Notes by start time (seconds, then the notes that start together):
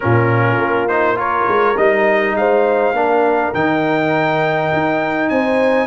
0.00 A#2 C#4 F4 A#4
0.56 A#3
0.87 D#4 C5
1.16 F4 A#4 C#5
1.47 G#3
1.77 G3 D#4 D#5
2.35 G#3 C5 F5
2.92 A#3 D4 A#4
3.54 D#3 D#4 G5
4.72 D#4
5.29 C4 C5 G#5